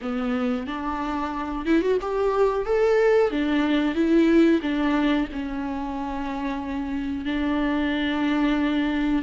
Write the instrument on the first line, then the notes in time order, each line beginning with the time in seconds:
viola
0.01 B3
0.67 D4
1.65 E4
1.81 F#4
2.01 G4
2.65 A4
3.30 D4
3.94 E4
4.62 D4
5.32 C#4
7.25 D4